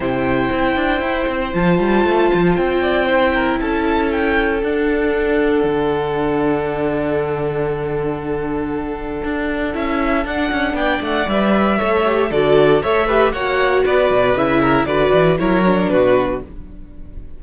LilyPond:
<<
  \new Staff \with { instrumentName = "violin" } { \time 4/4 \tempo 4 = 117 g''2. a''4~ | a''4 g''2 a''4 | g''4 fis''2.~ | fis''1~ |
fis''2. e''4 | fis''4 g''8 fis''8 e''2 | d''4 e''4 fis''4 d''4 | e''4 d''4 cis''4 b'4 | }
  \new Staff \with { instrumentName = "violin" } { \time 4/4 c''1~ | c''4. d''8 c''8 ais'8 a'4~ | a'1~ | a'1~ |
a'1~ | a'4 d''2 cis''4 | a'4 cis''8 b'8 cis''4 b'4~ | b'8 ais'8 b'4 ais'4 fis'4 | }
  \new Staff \with { instrumentName = "viola" } { \time 4/4 e'2. f'4~ | f'2 e'2~ | e'4 d'2.~ | d'1~ |
d'2. e'4 | d'2 b'4 a'8 g'8 | fis'4 a'8 g'8 fis'2 | e'4 fis'4 e'8 d'4. | }
  \new Staff \with { instrumentName = "cello" } { \time 4/4 c4 c'8 d'8 e'8 c'8 f8 g8 | a8 f8 c'2 cis'4~ | cis'4 d'2 d4~ | d1~ |
d2 d'4 cis'4 | d'8 cis'8 b8 a8 g4 a4 | d4 a4 ais4 b8 b,8 | cis4 d8 e8 fis4 b,4 | }
>>